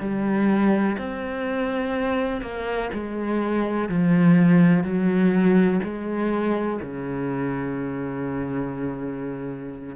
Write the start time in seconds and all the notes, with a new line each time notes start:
0.00 G3
0.98 C4
2.41 A#3
2.93 G#3
3.88 F3
4.83 F#3
5.83 G#3
6.81 C#3